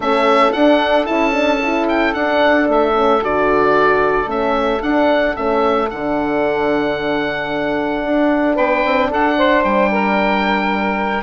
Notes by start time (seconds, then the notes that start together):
0.00 A3 C#4 A4 E5
0.52 D4 F#5
1.05 C#4 E4 A5
1.33 D4
1.62 E4
1.88 G5
2.13 D4 F#5
2.68 A3 E5
2.93 C#4
3.21 D3 F#4 D5
4.26 A3 C#4 E5
4.82 D4 F#5
5.33 A3 C#4 E5
5.90 D3 D4 F#5
8.04 D4
8.55 B3 B4 G5
8.84 C4
9.09 D4 A4 F#5
9.37 C5
9.64 G3 G5
9.91 A#4